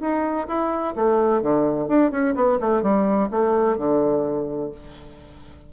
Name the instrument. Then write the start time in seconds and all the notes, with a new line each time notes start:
bassoon
0.00 D#4
0.47 E4
0.95 A3
1.42 D3
1.87 D4
2.11 C#4
2.35 B3
2.60 A3
2.82 G3
3.31 A3
3.77 D3